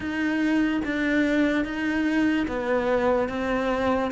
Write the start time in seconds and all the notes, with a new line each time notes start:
0.00 D#4
0.84 D4
1.64 D#4
2.47 B3
3.29 C4